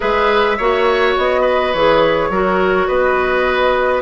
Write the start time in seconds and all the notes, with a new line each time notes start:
0.00 G#3 G#4 B4 E5
0.57 A#3 F#4 C#5
1.16 B3 D#5
1.41 B4
1.73 E3 G#4 C#5
2.29 F#3 F#4 A#4
2.87 B3 B4 D#5